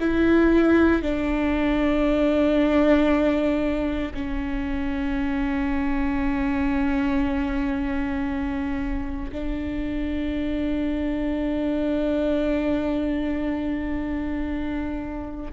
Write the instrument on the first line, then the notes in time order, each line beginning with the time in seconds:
viola
0.00 E4
1.03 D4
4.14 C#4
9.32 D4